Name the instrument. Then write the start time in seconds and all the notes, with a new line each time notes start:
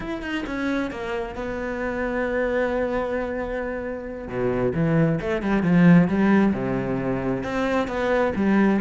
cello
0.00 E4
0.21 D#4
0.46 C#4
0.90 A#3
1.35 B3
4.28 B2
4.74 E3
5.20 A3
5.42 G3
5.63 F3
6.07 G3
6.53 C3
7.43 C4
7.87 B3
8.35 G3